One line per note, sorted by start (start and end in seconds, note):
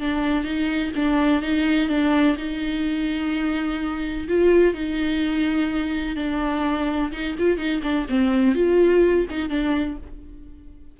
0.00 0.44 D4
0.44 0.91 D#4
0.95 1.42 D4
1.42 1.89 D#4
1.89 2.36 D4
2.37 4.28 D#4
4.28 4.74 F4
4.74 6.16 D#4
6.16 7.11 D4
7.12 7.36 D#4
7.38 7.57 F4
7.57 7.81 D#4
7.82 8.06 D4
8.09 8.55 C4
8.55 9.26 F4
9.30 9.49 D#4
9.49 9.97 D4